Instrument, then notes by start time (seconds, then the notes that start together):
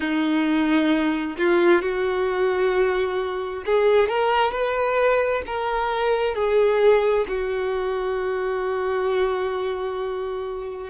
violin
0.00 D#4
1.38 F4
1.82 F#4
3.65 G#4
4.09 A#4
4.51 B4
5.46 A#4
6.34 G#4
7.27 F#4